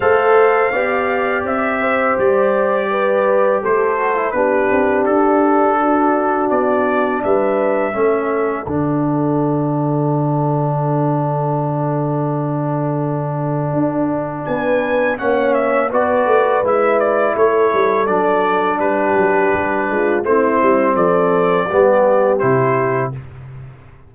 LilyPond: <<
  \new Staff \with { instrumentName = "trumpet" } { \time 4/4 \tempo 4 = 83 f''2 e''4 d''4~ | d''4 c''4 b'4 a'4~ | a'4 d''4 e''2 | fis''1~ |
fis''1 | gis''4 fis''8 e''8 d''4 e''8 d''8 | cis''4 d''4 b'2 | c''4 d''2 c''4 | }
  \new Staff \with { instrumentName = "horn" } { \time 4/4 c''4 d''4. c''4. | b'4 a'4 g'2 | fis'2 b'4 a'4~ | a'1~ |
a'1 | b'4 cis''4 b'2 | a'2 g'4. f'8 | e'4 a'4 g'2 | }
  \new Staff \with { instrumentName = "trombone" } { \time 4/4 a'4 g'2.~ | g'4. fis'16 e'16 d'2~ | d'2. cis'4 | d'1~ |
d'1~ | d'4 cis'4 fis'4 e'4~ | e'4 d'2. | c'2 b4 e'4 | }
  \new Staff \with { instrumentName = "tuba" } { \time 4/4 a4 b4 c'4 g4~ | g4 a4 b8 c'8 d'4~ | d'4 b4 g4 a4 | d1~ |
d2. d'4 | b4 ais4 b8 a8 gis4 | a8 g8 fis4 g8 fis8 g8 gis8 | a8 g8 f4 g4 c4 | }
>>